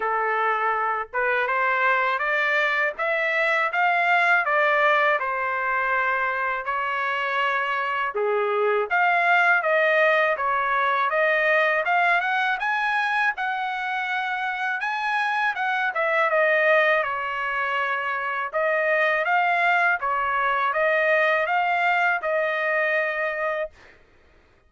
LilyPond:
\new Staff \with { instrumentName = "trumpet" } { \time 4/4 \tempo 4 = 81 a'4. b'8 c''4 d''4 | e''4 f''4 d''4 c''4~ | c''4 cis''2 gis'4 | f''4 dis''4 cis''4 dis''4 |
f''8 fis''8 gis''4 fis''2 | gis''4 fis''8 e''8 dis''4 cis''4~ | cis''4 dis''4 f''4 cis''4 | dis''4 f''4 dis''2 | }